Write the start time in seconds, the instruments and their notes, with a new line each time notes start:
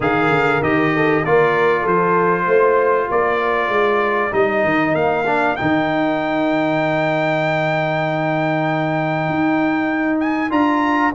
0.00 tuba D#3, trombone G#4, horn A#4, trumpet F5
0.30 tuba D3
0.62 tuba D#3, trombone G4, trumpet D#5
0.94 horn A4
1.23 tuba A#3, trombone F4, horn A#4, trumpet D5
1.81 tuba F3, horn A4, trumpet C5
2.46 tuba A3, horn C5
3.06 tuba A#3, horn A#4, trumpet D5
3.69 tuba G#3
4.31 tuba G3, trombone D#4, trumpet D#5
4.63 tuba D#3
4.94 tuba A#3, trumpet F5
5.26 trombone D4
5.55 tuba D#3, trombone D#4, trumpet G5
9.29 tuba D#4
10.19 trumpet G#5
10.50 tuba D4, trombone F4, trumpet A#5